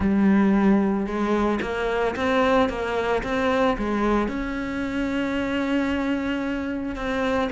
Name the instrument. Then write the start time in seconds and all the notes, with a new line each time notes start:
cello
0.00 G3
1.06 G#3
1.61 A#3
2.15 C4
2.69 A#3
3.23 C4
3.78 G#3
4.28 C#4
6.95 C4